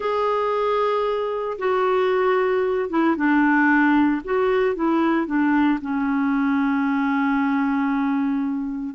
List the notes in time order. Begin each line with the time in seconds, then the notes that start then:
0.00 G#4
1.58 F#4
2.89 E4
3.16 D4
4.24 F#4
4.75 E4
5.26 D4
5.81 C#4